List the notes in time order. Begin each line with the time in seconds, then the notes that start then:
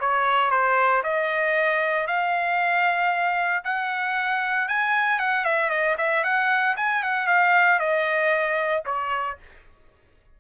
0.00 C#5
0.51 C5
1.03 D#5
2.07 F5
3.64 F#5
4.68 G#5
5.19 F#5
5.45 E5
5.70 D#5
5.98 E5
6.24 F#5
6.77 G#5
7.03 F#5
7.27 F5
7.79 D#5
8.85 C#5